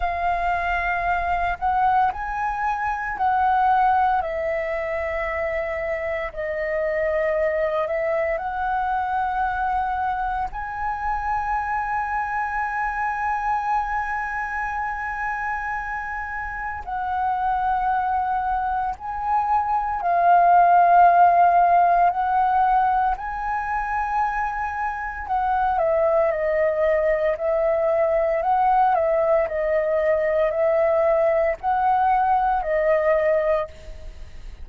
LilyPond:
\new Staff \with { instrumentName = "flute" } { \time 4/4 \tempo 4 = 57 f''4. fis''8 gis''4 fis''4 | e''2 dis''4. e''8 | fis''2 gis''2~ | gis''1 |
fis''2 gis''4 f''4~ | f''4 fis''4 gis''2 | fis''8 e''8 dis''4 e''4 fis''8 e''8 | dis''4 e''4 fis''4 dis''4 | }